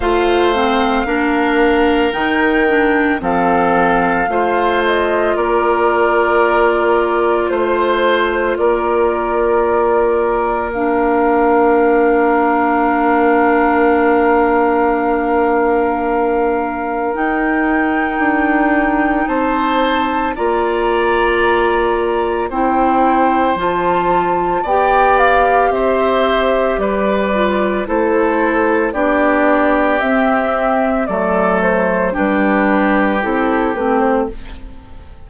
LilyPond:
<<
  \new Staff \with { instrumentName = "flute" } { \time 4/4 \tempo 4 = 56 f''2 g''4 f''4~ | f''8 dis''8 d''2 c''4 | d''2 f''2~ | f''1 |
g''2 a''4 ais''4~ | ais''4 g''4 a''4 g''8 f''8 | e''4 d''4 c''4 d''4 | e''4 d''8 c''8 b'4 a'8 b'16 c''16 | }
  \new Staff \with { instrumentName = "oboe" } { \time 4/4 c''4 ais'2 a'4 | c''4 ais'2 c''4 | ais'1~ | ais'1~ |
ais'2 c''4 d''4~ | d''4 c''2 d''4 | c''4 b'4 a'4 g'4~ | g'4 a'4 g'2 | }
  \new Staff \with { instrumentName = "clarinet" } { \time 4/4 f'8 c'8 d'4 dis'8 d'8 c'4 | f'1~ | f'2 d'2~ | d'1 |
dis'2. f'4~ | f'4 e'4 f'4 g'4~ | g'4. f'8 e'4 d'4 | c'4 a4 d'4 e'8 c'8 | }
  \new Staff \with { instrumentName = "bassoon" } { \time 4/4 a4 ais4 dis4 f4 | a4 ais2 a4 | ais1~ | ais1 |
dis'4 d'4 c'4 ais4~ | ais4 c'4 f4 b4 | c'4 g4 a4 b4 | c'4 fis4 g4 c'8 a8 | }
>>